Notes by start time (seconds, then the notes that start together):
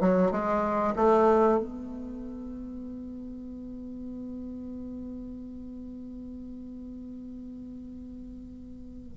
0.00 F#3
0.31 G#3
0.96 A3
1.59 B3